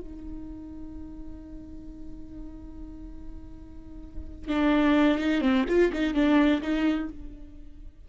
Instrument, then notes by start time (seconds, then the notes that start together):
viola
0.00 D#4
4.48 D4
5.19 D#4
5.41 C4
5.68 F4
5.92 D#4
6.14 D4
6.61 D#4